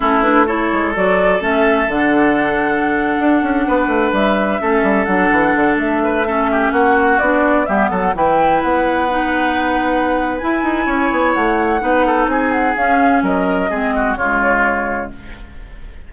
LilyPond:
<<
  \new Staff \with { instrumentName = "flute" } { \time 4/4 \tempo 4 = 127 a'8 b'8 cis''4 d''4 e''4 | fis''1~ | fis''8. e''2 fis''4~ fis''16~ | fis''16 e''2 fis''4 d''8.~ |
d''16 e''8 fis''8 g''4 fis''4.~ fis''16~ | fis''2 gis''2 | fis''2 gis''8 fis''8 f''4 | dis''2 cis''2 | }
  \new Staff \with { instrumentName = "oboe" } { \time 4/4 e'4 a'2.~ | a'2.~ a'8. b'16~ | b'4.~ b'16 a'2~ a'16~ | a'8. b'8 a'8 g'8 fis'4.~ fis'16~ |
fis'16 g'8 a'8 b'2~ b'8.~ | b'2. cis''4~ | cis''4 b'8 a'8 gis'2 | ais'4 gis'8 fis'8 f'2 | }
  \new Staff \with { instrumentName = "clarinet" } { \time 4/4 cis'8 d'8 e'4 fis'4 cis'4 | d'1~ | d'4.~ d'16 cis'4 d'4~ d'16~ | d'4~ d'16 cis'2 d'8.~ |
d'16 b4 e'2 dis'8.~ | dis'2 e'2~ | e'4 dis'2 cis'4~ | cis'4 c'4 gis2 | }
  \new Staff \with { instrumentName = "bassoon" } { \time 4/4 a4. gis8 fis4 a4 | d2~ d8. d'8 cis'8 b16~ | b16 a8 g4 a8 g8 fis8 e8 d16~ | d16 a2 ais4 b8.~ |
b16 g8 fis8 e4 b4.~ b16~ | b2 e'8 dis'8 cis'8 b8 | a4 b4 c'4 cis'4 | fis4 gis4 cis2 | }
>>